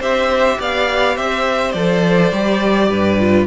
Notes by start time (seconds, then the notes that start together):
0.00 C4 G4 C5 E5
0.60 B3 D5 F5
1.15 C4 C5 E5
1.72 F3 A4 D5
2.32 G3 G4
2.89 G2 B4
3.19 F4